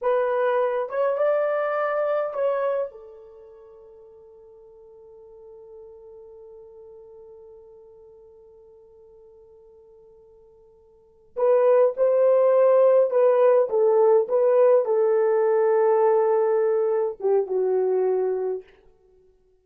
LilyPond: \new Staff \with { instrumentName = "horn" } { \time 4/4 \tempo 4 = 103 b'4. cis''8 d''2 | cis''4 a'2.~ | a'1~ | a'1~ |
a'2.~ a'8 b'8~ | b'8 c''2 b'4 a'8~ | a'8 b'4 a'2~ a'8~ | a'4. g'8 fis'2 | }